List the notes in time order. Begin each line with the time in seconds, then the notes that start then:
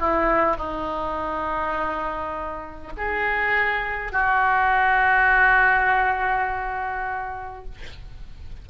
0.00 E4
0.57 D#4
2.97 G#4
4.12 F#4